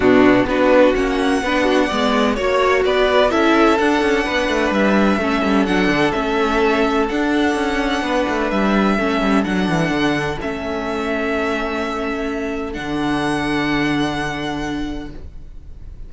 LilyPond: <<
  \new Staff \with { instrumentName = "violin" } { \time 4/4 \tempo 4 = 127 fis'4 b'4 fis''2~ | fis''4 cis''4 d''4 e''4 | fis''2 e''2 | fis''4 e''2 fis''4~ |
fis''2 e''2 | fis''2 e''2~ | e''2. fis''4~ | fis''1 | }
  \new Staff \with { instrumentName = "violin" } { \time 4/4 d'4 fis'2 b'8 fis'8 | d''4 cis''4 b'4 a'4~ | a'4 b'2 a'4~ | a'1~ |
a'4 b'2 a'4~ | a'1~ | a'1~ | a'1 | }
  \new Staff \with { instrumentName = "viola" } { \time 4/4 b4 d'4 cis'4 d'4 | b4 fis'2 e'4 | d'2. cis'4 | d'4 cis'2 d'4~ |
d'2. cis'4 | d'2 cis'2~ | cis'2. d'4~ | d'1 | }
  \new Staff \with { instrumentName = "cello" } { \time 4/4 b,4 b4 ais4 b4 | gis4 ais4 b4 cis'4 | d'8 cis'8 b8 a8 g4 a8 g8 | fis8 d8 a2 d'4 |
cis'4 b8 a8 g4 a8 g8 | fis8 e8 d4 a2~ | a2. d4~ | d1 | }
>>